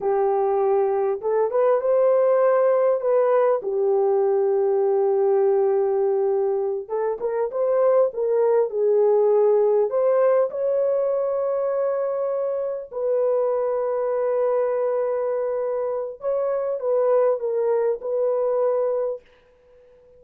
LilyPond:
\new Staff \with { instrumentName = "horn" } { \time 4/4 \tempo 4 = 100 g'2 a'8 b'8 c''4~ | c''4 b'4 g'2~ | g'2.~ g'8 a'8 | ais'8 c''4 ais'4 gis'4.~ |
gis'8 c''4 cis''2~ cis''8~ | cis''4. b'2~ b'8~ | b'2. cis''4 | b'4 ais'4 b'2 | }